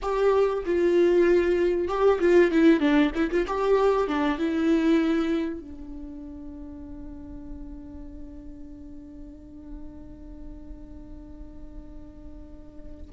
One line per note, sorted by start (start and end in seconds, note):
0.01 0.64 G4
0.65 1.88 F4
1.88 2.19 G4
2.20 2.51 F4
2.51 2.80 E4
2.80 3.11 D4
3.14 3.30 E4
3.30 3.46 F4
3.47 4.07 G4
4.07 4.38 D4
4.38 5.60 E4
5.60 13.10 D4